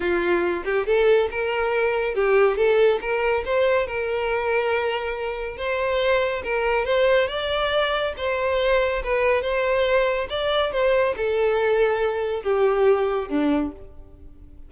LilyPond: \new Staff \with { instrumentName = "violin" } { \time 4/4 \tempo 4 = 140 f'4. g'8 a'4 ais'4~ | ais'4 g'4 a'4 ais'4 | c''4 ais'2.~ | ais'4 c''2 ais'4 |
c''4 d''2 c''4~ | c''4 b'4 c''2 | d''4 c''4 a'2~ | a'4 g'2 d'4 | }